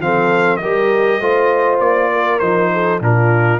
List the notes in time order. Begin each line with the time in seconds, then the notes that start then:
0.00 F3 C4 A4 F5
0.57 G3 G4 A#4 D#5
1.21 A3 F4 C5
1.80 A#3 D5
2.12 A#4
2.39 F3 D#4 C5
2.73 A4
3.01 A#2 D4 F4 A#4